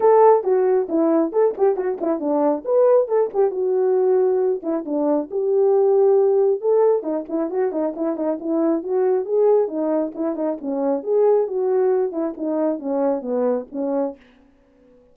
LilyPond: \new Staff \with { instrumentName = "horn" } { \time 4/4 \tempo 4 = 136 a'4 fis'4 e'4 a'8 g'8 | fis'8 e'8 d'4 b'4 a'8 g'8 | fis'2~ fis'8 e'8 d'4 | g'2. a'4 |
dis'8 e'8 fis'8 dis'8 e'8 dis'8 e'4 | fis'4 gis'4 dis'4 e'8 dis'8 | cis'4 gis'4 fis'4. e'8 | dis'4 cis'4 b4 cis'4 | }